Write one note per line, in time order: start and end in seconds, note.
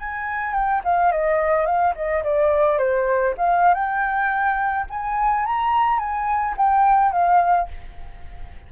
0.00 0.54 G#5
0.54 0.82 G5
0.85 1.12 F5
1.12 1.66 D#5
1.66 1.94 F5
1.95 2.24 D#5
2.24 2.79 D5
2.79 3.35 C5
3.38 3.75 F5
3.75 4.87 G5
4.90 5.46 G#5
5.46 5.99 A#5
5.99 6.55 G#5
6.58 7.12 G5
7.12 7.68 F5